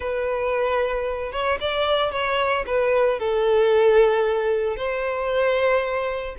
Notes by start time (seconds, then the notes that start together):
0.00 B4
1.31 C#5
1.60 D5
2.11 C#5
2.66 B4
3.19 A4
4.76 C5